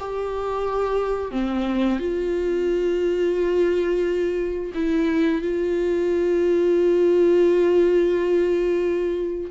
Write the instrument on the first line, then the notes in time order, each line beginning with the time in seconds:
viola
0.00 G4
1.31 C4
2.00 F4
4.75 E4
5.42 F4